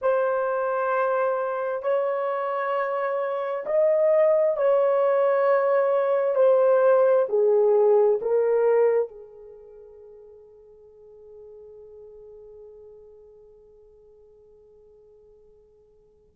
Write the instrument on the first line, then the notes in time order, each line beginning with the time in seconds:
horn
0.01 C5
1.82 C#5
3.66 D#5
4.57 C#5
6.35 C5
7.28 G#4
8.21 A#4
9.08 G#4